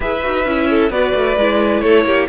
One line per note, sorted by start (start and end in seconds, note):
0.00 0.23 E4
0.00 0.21 G#4
0.00 0.68 B4
0.00 0.91 E5
0.22 0.45 D#4
0.22 0.45 F#4
0.45 0.90 C#4
0.45 0.91 E4
0.70 0.91 A4
0.90 1.13 B3
0.90 1.37 F#4
0.90 1.82 B4
0.90 1.81 D5
1.14 1.37 A3
1.37 1.82 G#3
1.37 2.29 E4
1.81 2.04 A3
1.81 2.05 A4
1.81 2.26 C#5
2.04 2.27 A#3
2.04 2.28 G4